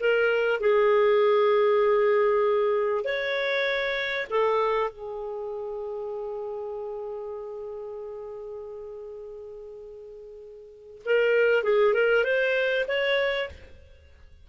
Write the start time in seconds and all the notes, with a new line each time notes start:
0.00 A#4
0.61 G#4
3.05 C#5
4.31 A4
4.90 G#4
11.06 A#4
11.64 G#4
11.94 A#4
12.24 C5
12.88 C#5